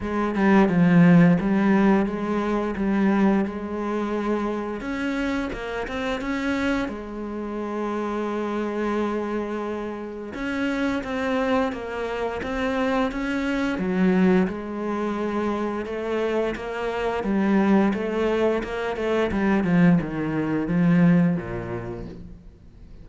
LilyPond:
\new Staff \with { instrumentName = "cello" } { \time 4/4 \tempo 4 = 87 gis8 g8 f4 g4 gis4 | g4 gis2 cis'4 | ais8 c'8 cis'4 gis2~ | gis2. cis'4 |
c'4 ais4 c'4 cis'4 | fis4 gis2 a4 | ais4 g4 a4 ais8 a8 | g8 f8 dis4 f4 ais,4 | }